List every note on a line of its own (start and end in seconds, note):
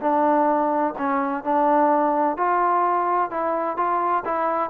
0.00 0.94 D4
0.98 1.44 C#4
1.44 2.37 D4
2.37 3.30 F4
3.30 3.76 E4
3.76 4.23 F4
4.24 4.70 E4